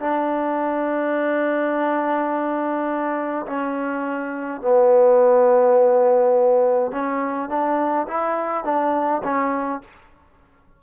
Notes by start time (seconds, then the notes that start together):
0.00 D4
3.47 C#4
4.61 B3
6.92 C#4
7.49 D4
8.08 E4
8.64 D4
9.24 C#4